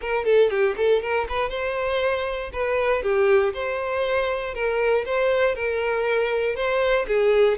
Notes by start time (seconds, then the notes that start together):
0.01 A#4
0.25 A4
0.50 G4
0.77 A4
1.02 A#4
1.29 B4
1.49 C5
2.53 B4
3.03 G4
3.53 C5
4.54 A#4
5.05 C5
5.55 A#4
6.55 C5
7.07 G#4